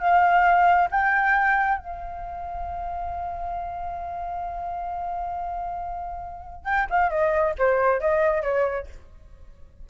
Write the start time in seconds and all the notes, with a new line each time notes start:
0.00 F5
0.91 G5
1.78 F5
6.65 G5
6.90 F5
7.11 D#5
7.59 C5
8.01 D#5
8.43 C#5